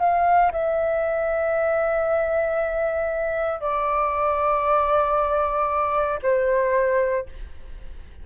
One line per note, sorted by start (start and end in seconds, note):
0.00 0.52 F5
0.52 3.61 E5
3.61 6.19 D5
6.23 7.26 C5